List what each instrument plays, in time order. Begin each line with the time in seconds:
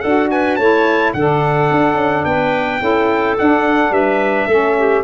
0.00 tuba D4, saxophone F#4, clarinet A4, trumpet F#5
0.31 clarinet B4, trumpet G#5
0.56 tuba A3, saxophone E4, clarinet C#5, trumpet A5
1.13 tuba D3, saxophone D4, clarinet A4, trumpet F#5
1.71 tuba D4
1.94 tuba C#4
2.24 tuba B3, clarinet B4, trumpet G5
2.80 tuba C#4, saxophone E4, clarinet A4
3.38 saxophone D4, tuba D4, trumpet F#5
3.90 tuba G3, clarinet B4, trumpet E5
4.47 tuba A3, saxophone C#4, clarinet A4
4.78 clarinet G4